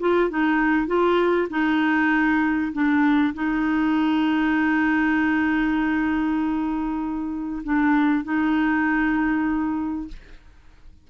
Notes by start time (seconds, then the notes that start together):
0.00 F4
0.30 D#4
0.87 F4
1.50 D#4
2.73 D4
3.35 D#4
7.64 D4
8.24 D#4